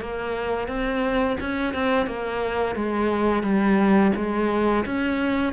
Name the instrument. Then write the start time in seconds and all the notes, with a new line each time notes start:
cello
0.00 A#3
0.68 C4
1.40 C#4
1.74 C4
2.07 A#3
2.75 G#3
3.43 G3
4.16 G#3
4.85 C#4